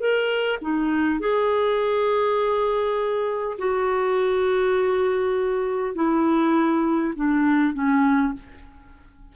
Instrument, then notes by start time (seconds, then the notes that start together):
clarinet
0.00 A#4
0.62 D#4
1.20 G#4
3.58 F#4
5.95 E4
7.16 D4
7.74 C#4